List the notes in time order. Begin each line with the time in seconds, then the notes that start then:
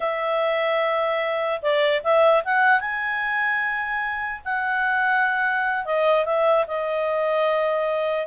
0.00 E5
1.61 D5
2.03 E5
2.44 F#5
2.80 G#5
4.44 F#5
5.85 D#5
6.25 E5
6.67 D#5